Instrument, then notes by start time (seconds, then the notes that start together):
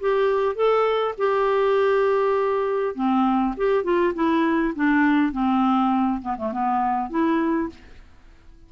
clarinet
0.00 G4
0.55 A4
1.18 G4
2.95 C4
3.57 G4
3.84 F4
4.14 E4
4.75 D4
5.32 C4
6.22 B3
6.37 A3
6.52 B3
7.10 E4